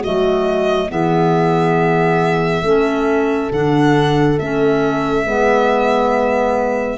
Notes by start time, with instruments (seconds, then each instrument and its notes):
0.00 clarinet A3, horn F#4, violin D#5
0.06 tuba F#3
0.89 tuba E3, clarinet B3, horn G#4, violin E5
2.62 tuba A3, clarinet C#4, horn A4
3.51 tuba D3, clarinet D4, violin F#5
4.39 tuba A3, clarinet C#4, violin E5
5.25 tuba G#3, clarinet B3, horn B4